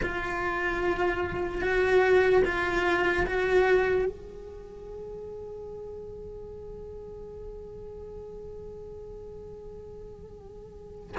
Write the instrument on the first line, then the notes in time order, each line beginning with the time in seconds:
cello
0.02 F4
1.61 F#4
2.44 F4
3.26 F#4
4.06 G#4